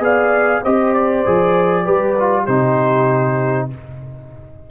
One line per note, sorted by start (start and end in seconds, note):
0.00 0.61 B3
0.00 0.62 G#4
0.00 0.64 D5
0.00 0.65 F5
0.64 1.27 C4
0.64 1.26 G4
0.64 1.85 C5
0.64 0.94 D#5
0.94 2.46 D5
1.26 1.88 F3
1.26 1.85 G#4
1.85 2.48 G3
1.85 2.16 G4
1.85 2.45 B4
2.20 2.48 F4
2.45 3.70 C3
2.45 3.71 D#4
2.45 3.67 G4
2.45 3.68 C5